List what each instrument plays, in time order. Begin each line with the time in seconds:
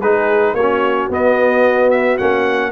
0.00 tuba G#3, trombone D#4, horn G#4, trumpet B4
0.53 tuba A#3, horn F#4, trumpet C#5
0.60 trombone C#4
1.09 tuba B3, trombone B3, trumpet D#5
1.90 trumpet E5
2.17 tuba A#3, trombone C#4, trumpet F#5